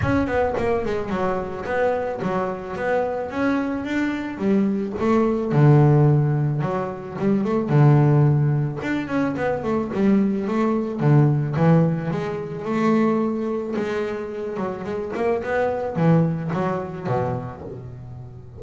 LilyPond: \new Staff \with { instrumentName = "double bass" } { \time 4/4 \tempo 4 = 109 cis'8 b8 ais8 gis8 fis4 b4 | fis4 b4 cis'4 d'4 | g4 a4 d2 | fis4 g8 a8 d2 |
d'8 cis'8 b8 a8 g4 a4 | d4 e4 gis4 a4~ | a4 gis4. fis8 gis8 ais8 | b4 e4 fis4 b,4 | }